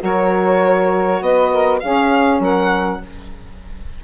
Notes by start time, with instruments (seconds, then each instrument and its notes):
0.00 bassoon F#3, saxophone F#4 A#4, violin C#5
1.21 bassoon B3, saxophone B4, violin D#5
1.51 saxophone A#4
1.79 saxophone C#4 G#4, bassoon C#4, violin F5
2.39 bassoon F#3, saxophone A#4, violin F#5